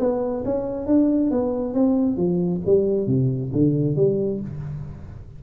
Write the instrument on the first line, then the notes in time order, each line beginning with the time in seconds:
tuba
0.00 B3
0.45 C#4
0.87 D4
1.31 B3
1.75 C4
2.17 F3
2.66 G3
3.07 C3
3.53 D3
3.96 G3